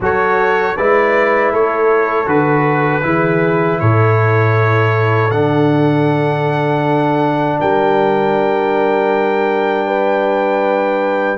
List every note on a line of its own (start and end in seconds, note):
0.00 0.74 F#3
0.00 0.77 F#4
0.00 0.77 A4
0.00 0.76 C#5
0.76 1.53 G#3
0.76 2.26 E4
0.76 1.52 B4
0.76 1.52 D5
1.52 2.26 A3
1.52 3.04 A4
1.52 2.28 C#5
2.26 3.02 D3
2.26 3.02 F#4
2.26 3.79 B4
3.02 3.80 E3
3.02 5.30 E4
3.02 3.81 G#4
3.79 5.30 A2
3.79 7.58 A4
3.79 5.30 C#5
5.30 7.58 D3
5.30 11.37 D4
5.30 7.58 F#5
7.58 11.37 G3
7.58 9.86 A#4
7.58 11.37 G5
9.86 11.37 B4